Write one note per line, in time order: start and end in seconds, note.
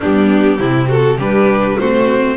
0.00 0.59 G3
0.00 0.59 B3
0.00 0.59 D4
0.00 0.89 G4
0.59 1.17 C3
0.59 1.19 C4
0.59 0.87 E4
0.87 1.17 F#4
0.87 1.19 A4
1.17 1.77 G3
1.17 1.78 D4
1.17 1.76 G4
1.17 1.78 B4
1.78 2.36 A3
1.78 2.36 C4
1.78 2.36 F#4
1.78 2.36 C5